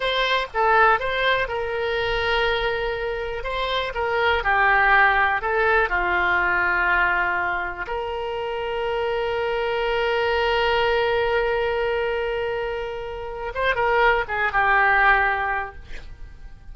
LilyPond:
\new Staff \with { instrumentName = "oboe" } { \time 4/4 \tempo 4 = 122 c''4 a'4 c''4 ais'4~ | ais'2. c''4 | ais'4 g'2 a'4 | f'1 |
ais'1~ | ais'1~ | ais'2.~ ais'8 c''8 | ais'4 gis'8 g'2~ g'8 | }